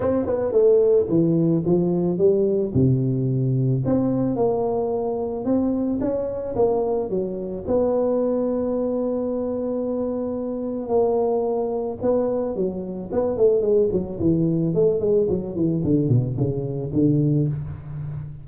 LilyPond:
\new Staff \with { instrumentName = "tuba" } { \time 4/4 \tempo 4 = 110 c'8 b8 a4 e4 f4 | g4 c2 c'4 | ais2 c'4 cis'4 | ais4 fis4 b2~ |
b1 | ais2 b4 fis4 | b8 a8 gis8 fis8 e4 a8 gis8 | fis8 e8 d8 b,8 cis4 d4 | }